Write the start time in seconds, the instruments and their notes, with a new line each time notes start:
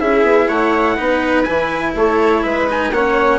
0.00 bassoon C#4, cello E4, viola G#4, trumpet E5
0.22 bassoon B3
0.48 bassoon A3, viola C#5, trumpet F#5
0.95 bassoon B3, cello D#4, viola B4
1.44 bassoon E3, cello E4, trumpet G#5
1.94 bassoon A3, viola A4, trumpet C#5
2.43 bassoon G#3, viola B4, trumpet E5
2.69 cello D#4, trumpet G#5
2.91 bassoon A#3, cello C#4, viola C#5, trumpet F#5